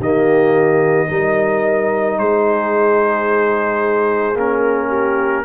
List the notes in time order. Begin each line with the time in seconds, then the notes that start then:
0.00 D#3 A#3 G4 D#5
1.07 G3 D#4 A#4
2.18 G#3 G#4 C5
4.35 A#3 C#4 A#4
4.88 G4